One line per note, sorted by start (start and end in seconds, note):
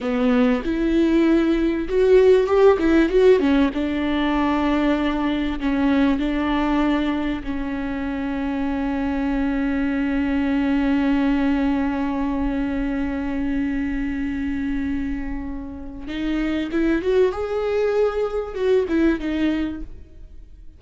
0.00 0.62 B3
0.64 1.88 E4
1.88 2.46 F#4
2.46 2.77 G4
2.78 3.09 E4
3.09 3.39 F#4
3.39 3.70 C#4
3.74 5.59 D4
5.60 6.19 C#4
6.19 7.42 D4
7.43 16.07 C#4
16.07 16.69 D#4
16.72 17.01 E4
17.01 17.31 F#4
17.31 18.54 G#4
18.54 18.85 F#4
18.88 19.19 E4
19.19 19.81 D#4